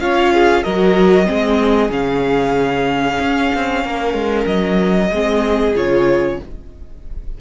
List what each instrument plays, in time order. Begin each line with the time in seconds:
0.00 cello C#4, viola F4, violin C#5 F5
0.34 violin G#4
0.64 cello F#3, viola F#4, violin A#4 D#5
1.26 cello G#3, viola C4, violin G#4
1.91 cello C#3, viola C#4, violin F5
3.20 cello C#4
3.55 cello C4
3.84 cello A#3, violin A#4
4.14 cello G#3
4.47 cello F#3, violin D#5
5.11 cello G#3, viola C4, violin G#4
5.76 cello C#3, viola F4, violin C#5